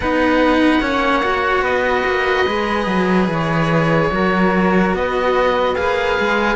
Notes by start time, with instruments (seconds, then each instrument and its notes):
0.00 cello B3 D#4, flute B4, oboe F#5
0.81 cello A#3 C#4, flute C#5
1.22 cello F#4
1.62 cello B3, flute B4, oboe D#5
2.05 cello A#3
2.46 cello G#3 G#4
2.86 cello F#3
3.27 cello E3, oboe C#5
4.11 cello F#3 F#4, flute A#4
4.93 cello B3, flute B4, oboe D#5
5.75 cello A#3 G#4, oboe F5
6.19 cello G#3